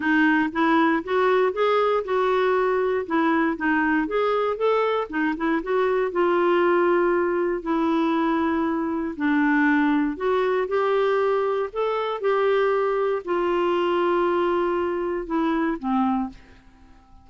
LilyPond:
\new Staff \with { instrumentName = "clarinet" } { \time 4/4 \tempo 4 = 118 dis'4 e'4 fis'4 gis'4 | fis'2 e'4 dis'4 | gis'4 a'4 dis'8 e'8 fis'4 | f'2. e'4~ |
e'2 d'2 | fis'4 g'2 a'4 | g'2 f'2~ | f'2 e'4 c'4 | }